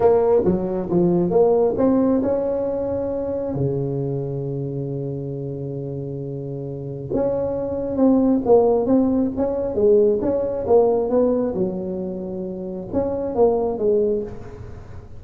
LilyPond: \new Staff \with { instrumentName = "tuba" } { \time 4/4 \tempo 4 = 135 ais4 fis4 f4 ais4 | c'4 cis'2. | cis1~ | cis1 |
cis'2 c'4 ais4 | c'4 cis'4 gis4 cis'4 | ais4 b4 fis2~ | fis4 cis'4 ais4 gis4 | }